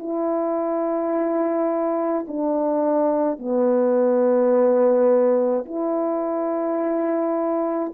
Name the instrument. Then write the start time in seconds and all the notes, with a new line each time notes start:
horn
0.00 E4
2.28 D4
3.40 B3
5.66 E4